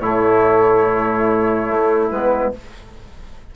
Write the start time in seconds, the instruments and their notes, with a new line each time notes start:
0.00 bassoon A2, trombone A3, trumpet E4, flute C#5
1.70 bassoon A3
2.09 bassoon G#3, trombone B3, flute B4